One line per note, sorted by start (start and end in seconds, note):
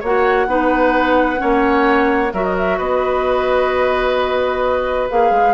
0.00 0.47 A#3
0.00 0.48 F#4
0.00 0.46 C#5
0.00 2.34 F#5
0.47 1.40 B3
0.47 1.37 D#4
0.47 1.41 B4
1.37 2.29 C#4
1.37 2.33 C#5
1.43 2.33 A#3
2.33 2.79 F#3
2.33 5.10 F#4
2.33 2.78 A#4
2.33 2.44 E5
2.44 2.55 D#5
2.57 2.79 E5
2.78 5.10 B3
2.78 5.54 B4
2.78 5.10 D#5
5.10 5.31 A#3
5.10 5.54 G#4
5.10 5.54 F5
5.31 5.54 G#3